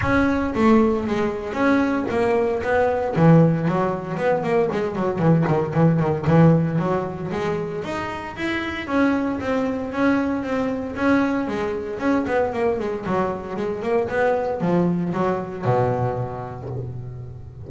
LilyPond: \new Staff \with { instrumentName = "double bass" } { \time 4/4 \tempo 4 = 115 cis'4 a4 gis4 cis'4 | ais4 b4 e4 fis4 | b8 ais8 gis8 fis8 e8 dis8 e8 dis8 | e4 fis4 gis4 dis'4 |
e'4 cis'4 c'4 cis'4 | c'4 cis'4 gis4 cis'8 b8 | ais8 gis8 fis4 gis8 ais8 b4 | f4 fis4 b,2 | }